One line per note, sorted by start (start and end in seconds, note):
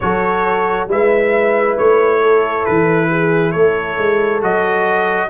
0.00 0.87 F#3
0.00 0.88 F#4
0.00 0.90 A4
0.00 0.88 C#5
0.87 1.76 G#3
0.87 4.41 E4
0.87 2.20 B4
0.87 1.77 E5
1.77 2.66 A3
1.77 2.65 C#5
2.20 3.08 A4
2.65 3.54 E3
2.65 3.51 B4
3.10 3.51 G#4
3.51 3.97 A3
3.51 5.28 A4
3.51 4.40 C#5
3.97 4.42 G#3
4.41 5.29 F#3
4.41 5.29 F#4
4.41 5.29 D#5